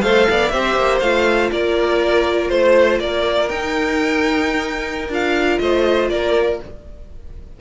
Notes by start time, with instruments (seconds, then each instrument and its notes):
0.00 cello A3, viola A4, violin C5 F5
0.30 cello B3, violin D5
0.49 cello C4, viola G4, violin C5 E5
0.76 cello A#3
1.00 cello A3, viola F4, violin F5
1.52 cello A#3, violin A#4 D5
2.49 cello A3, violin C5
3.00 cello A#3, violin A#4 D5
3.49 cello D#4, viola D#4, violin G5
5.09 cello D4, viola F4, violin F5
5.59 cello A3, violin C5 D#5
6.10 cello A#3, violin A#4 D5